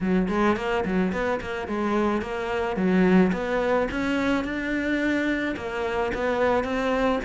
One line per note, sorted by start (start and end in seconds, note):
0.01 0.28 F#3
0.28 0.56 G#3
0.56 0.84 A#3
0.85 1.12 F#3
1.12 1.40 B3
1.40 1.67 A#3
1.67 2.21 G#3
2.21 2.76 A#3
2.76 3.31 F#3
3.32 3.87 B3
3.91 4.44 C#4
4.44 5.55 D4
5.56 6.11 A#3
6.14 6.64 B3
6.64 7.19 C4